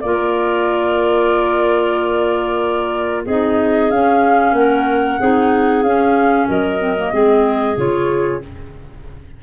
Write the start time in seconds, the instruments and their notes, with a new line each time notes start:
0.00 tuba A#3, clarinet F4 A#4, flute D5
3.25 tuba C4, clarinet D#4 G#4, flute D#5
3.90 tuba C#4, clarinet C#4, flute F5
4.52 tuba A#3, clarinet A#4, flute F#5
5.20 tuba C4, clarinet D#4 G#4
5.83 tuba C#4, clarinet C#4, flute F5
6.47 tuba F#3, clarinet A#4, flute D#5
6.79 clarinet C4
6.97 clarinet A#3
7.12 tuba G#3, clarinet C4 G#4
7.76 tuba C#3, clarinet F4, flute C#5